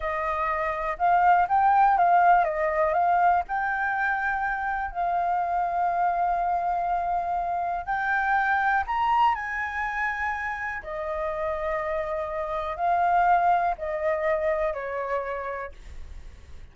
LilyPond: \new Staff \with { instrumentName = "flute" } { \time 4/4 \tempo 4 = 122 dis''2 f''4 g''4 | f''4 dis''4 f''4 g''4~ | g''2 f''2~ | f''1 |
g''2 ais''4 gis''4~ | gis''2 dis''2~ | dis''2 f''2 | dis''2 cis''2 | }